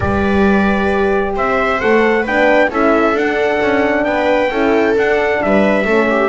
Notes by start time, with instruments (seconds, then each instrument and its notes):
0.00 double bass G3, horn G4, viola B4, trumpet D5
1.35 double bass C4, viola C5, trumpet E5
1.80 double bass A3, horn A4, trumpet F#5
2.23 double bass B3, horn D4, viola B4, trumpet G5
2.70 double bass C#4, horn E4, viola A4, trumpet E5
3.14 double bass D4, horn D4, trumpet F#5
3.61 double bass C#4
4.04 double bass B3, viola B4, trumpet G5
4.50 double bass C#4, horn E4, viola A4
4.95 horn D4, double bass D4, trumpet F#5
5.42 double bass G3, viola B4, trumpet E5
5.84 double bass A3, horn C#4, viola A4
6.10 viola G4